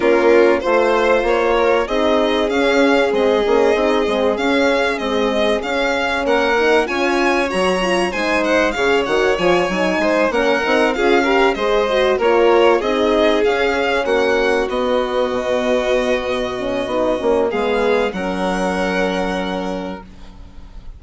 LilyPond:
<<
  \new Staff \with { instrumentName = "violin" } { \time 4/4 \tempo 4 = 96 ais'4 c''4 cis''4 dis''4 | f''4 dis''2 f''4 | dis''4 f''4 fis''4 gis''4 | ais''4 gis''8 fis''8 f''8 fis''8 gis''4~ |
gis''8 fis''4 f''4 dis''4 cis''8~ | cis''8 dis''4 f''4 fis''4 dis''8~ | dis''1 | f''4 fis''2. | }
  \new Staff \with { instrumentName = "violin" } { \time 4/4 f'4 c''4. ais'8 gis'4~ | gis'1~ | gis'2 ais'4 cis''4~ | cis''4 c''4 cis''2 |
c''8 ais'4 gis'8 ais'8 c''4 ais'8~ | ais'8 gis'2 fis'4.~ | fis'1 | gis'4 ais'2. | }
  \new Staff \with { instrumentName = "horn" } { \time 4/4 cis'4 f'2 dis'4 | cis'4 c'8 cis'8 dis'8 c'8 cis'4 | gis4 cis'4. dis'8 f'4 | fis'8 f'8 dis'4 gis'8 fis'8 f'8 dis'8~ |
dis'8 cis'8 dis'8 f'8 g'8 gis'8 fis'8 f'8~ | f'8 dis'4 cis'2 b8~ | b2~ b8 cis'8 dis'8 cis'8 | b4 cis'2. | }
  \new Staff \with { instrumentName = "bassoon" } { \time 4/4 ais4 a4 ais4 c'4 | cis'4 gis8 ais8 c'8 gis8 cis'4 | c'4 cis'4 ais4 cis'4 | fis4 gis4 cis8 dis8 f8 fis8 |
gis8 ais8 c'8 cis'4 gis4 ais8~ | ais8 c'4 cis'4 ais4 b8~ | b8 b,2~ b,8 b8 ais8 | gis4 fis2. | }
>>